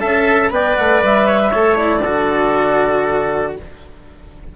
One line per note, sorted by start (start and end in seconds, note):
0.00 0.51 C#4
0.00 0.50 A4
0.00 0.51 E5
0.00 0.51 A5
0.51 0.76 B3
0.51 1.51 B4
0.51 1.27 D5
0.51 0.76 G5
0.76 1.03 A3
0.76 1.02 F#5
1.03 1.54 G3
1.03 1.77 E5
1.27 1.40 C#5
1.40 1.51 B4
1.51 2.04 A3
1.51 1.75 A4
1.51 2.01 C#5
1.75 2.01 E4
1.75 3.54 D5
2.03 3.57 D3
2.03 3.57 F#4
2.03 3.54 A4